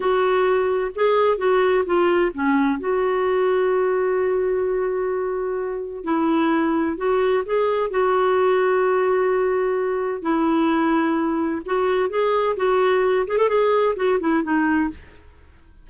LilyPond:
\new Staff \with { instrumentName = "clarinet" } { \time 4/4 \tempo 4 = 129 fis'2 gis'4 fis'4 | f'4 cis'4 fis'2~ | fis'1~ | fis'4 e'2 fis'4 |
gis'4 fis'2.~ | fis'2 e'2~ | e'4 fis'4 gis'4 fis'4~ | fis'8 gis'16 a'16 gis'4 fis'8 e'8 dis'4 | }